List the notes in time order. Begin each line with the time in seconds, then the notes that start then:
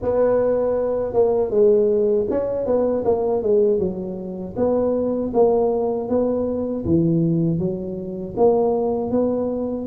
0.01 B3
1.13 A#3
1.50 G#3
2.30 C#4
2.65 B3
3.04 A#3
3.42 G#3
3.78 F#3
4.56 B3
5.33 A#3
6.09 B3
6.85 E3
7.58 F#3
8.36 A#3
9.10 B3